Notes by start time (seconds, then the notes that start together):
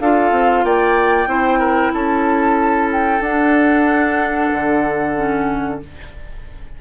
0.00 D4 F4 A4 F5
0.32 C4
0.64 A#3 D5 G5
1.27 C4 E4 C5
1.59 A#4
1.94 C#4 A4 A5
2.92 G5
3.21 D4 F#5
4.52 D3
5.16 C#4